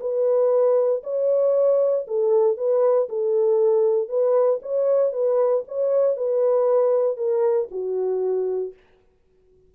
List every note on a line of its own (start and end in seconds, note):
0.00 1.03 B4
1.03 2.06 C#5
2.07 2.57 A4
2.57 3.08 B4
3.09 4.08 A4
4.08 4.59 B4
4.62 5.13 C#5
5.13 5.64 B4
5.68 6.17 C#5
6.17 7.17 B4
7.17 7.68 A#4
7.71 8.73 F#4